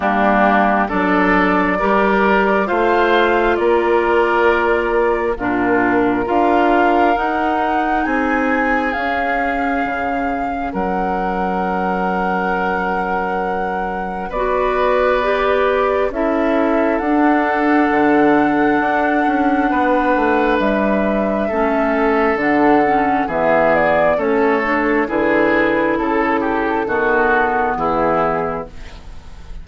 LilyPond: <<
  \new Staff \with { instrumentName = "flute" } { \time 4/4 \tempo 4 = 67 g'4 d''2 f''4 | d''2 ais'4 f''4 | fis''4 gis''4 f''2 | fis''1 |
d''2 e''4 fis''4~ | fis''2. e''4~ | e''4 fis''4 e''8 d''8 cis''4 | b'4 a'2 gis'4 | }
  \new Staff \with { instrumentName = "oboe" } { \time 4/4 d'4 a'4 ais'4 c''4 | ais'2 f'4 ais'4~ | ais'4 gis'2. | ais'1 |
b'2 a'2~ | a'2 b'2 | a'2 gis'4 a'4 | gis'4 a'8 g'8 fis'4 e'4 | }
  \new Staff \with { instrumentName = "clarinet" } { \time 4/4 ais4 d'4 g'4 f'4~ | f'2 d'4 f'4 | dis'2 cis'2~ | cis'1 |
fis'4 g'4 e'4 d'4~ | d'1 | cis'4 d'8 cis'8 b4 cis'8 d'8 | e'2 b2 | }
  \new Staff \with { instrumentName = "bassoon" } { \time 4/4 g4 fis4 g4 a4 | ais2 ais,4 d'4 | dis'4 c'4 cis'4 cis4 | fis1 |
b2 cis'4 d'4 | d4 d'8 cis'8 b8 a8 g4 | a4 d4 e4 a4 | d4 cis4 dis4 e4 | }
>>